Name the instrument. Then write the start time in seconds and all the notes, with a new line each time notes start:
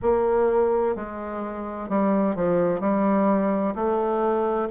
bassoon
0.02 A#3
0.95 G#3
1.89 G3
2.35 F3
2.80 G3
3.75 A3